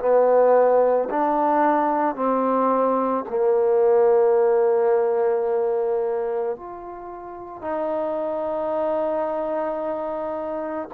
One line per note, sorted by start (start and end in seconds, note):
0.00 1.09 B3
1.10 2.16 D4
2.16 3.25 C4
3.29 6.57 A#3
6.57 7.62 F4
7.62 10.89 D#4